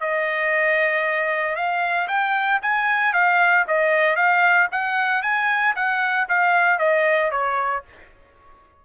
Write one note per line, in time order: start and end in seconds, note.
0.00 1.55 D#5
1.55 2.08 F5
2.08 2.60 G5
2.62 3.13 G#5
3.13 3.65 F5
3.68 4.16 D#5
4.16 4.68 F5
4.71 5.22 F#5
5.22 5.74 G#5
5.75 6.28 F#5
6.29 6.79 F5
6.79 7.31 D#5
7.31 7.83 C#5